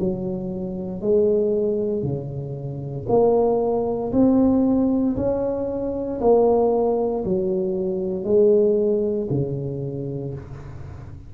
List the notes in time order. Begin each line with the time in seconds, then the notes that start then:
0.00 F#3
1.02 G#3
2.03 C#3
3.09 A#3
4.13 C4
5.17 C#4
6.21 A#3
7.25 F#3
8.24 G#3
9.31 C#3